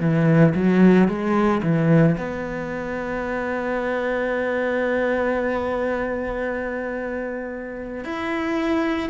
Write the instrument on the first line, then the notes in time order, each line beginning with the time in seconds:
cello
0.00 E3
0.55 F#3
1.08 G#3
1.63 E3
2.18 B3
8.05 E4